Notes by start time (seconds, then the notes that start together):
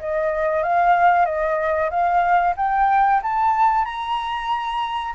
0.00 D#5
0.64 F5
1.26 D#5
1.91 F5
2.57 G5
3.23 A5
3.85 A#5